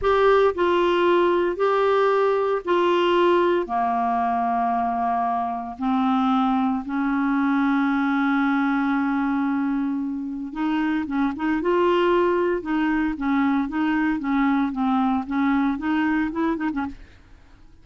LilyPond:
\new Staff \with { instrumentName = "clarinet" } { \time 4/4 \tempo 4 = 114 g'4 f'2 g'4~ | g'4 f'2 ais4~ | ais2. c'4~ | c'4 cis'2.~ |
cis'1 | dis'4 cis'8 dis'8 f'2 | dis'4 cis'4 dis'4 cis'4 | c'4 cis'4 dis'4 e'8 dis'16 cis'16 | }